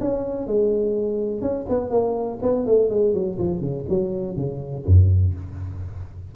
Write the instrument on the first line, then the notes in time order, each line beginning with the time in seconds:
tuba
0.00 C#4
0.47 G#3
1.41 C#4
1.69 B3
1.90 A#3
2.42 B3
2.66 A3
2.90 G#3
3.14 F#3
3.38 F3
3.61 C#3
3.89 F#3
4.36 C#3
4.85 F#2